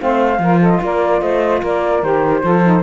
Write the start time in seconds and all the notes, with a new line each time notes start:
0.00 A3 C4 C5 F5
0.39 F3 F4 A#4
0.60 A4 D#5
0.83 A#3 A#4 D5
1.21 A3 C5 D#5
1.61 A#3 A#4 D5
2.03 D#3 G4 C5
2.43 F3 F4 A4
2.64 D#4